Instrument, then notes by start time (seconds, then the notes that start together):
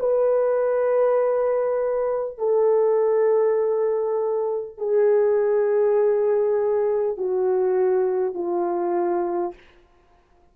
horn
0.00 B4
2.38 A4
4.78 G#4
7.17 F#4
8.35 F4